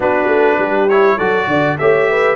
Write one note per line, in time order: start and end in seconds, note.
0.00 0.26 B3
0.00 0.89 D4
0.00 0.59 F#4
0.00 0.89 B4
0.26 0.56 A3
0.58 1.17 G3
0.58 1.17 G4
0.89 1.19 E4
0.89 1.18 C#5
1.17 1.47 F#3
1.17 1.78 F#4
1.17 1.47 A4
1.17 1.77 D5
1.47 1.76 D3
1.47 1.78 D5
1.78 2.35 A3
1.78 2.35 G4
1.78 2.09 C#5
1.78 2.35 E5
2.10 2.35 B4